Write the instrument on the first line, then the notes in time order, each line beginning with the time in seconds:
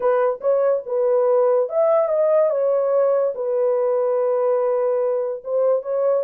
horn
0.00 B4
0.41 C#5
0.86 B4
1.69 E5
2.08 D#5
2.50 C#5
3.34 B4
5.44 C5
5.82 C#5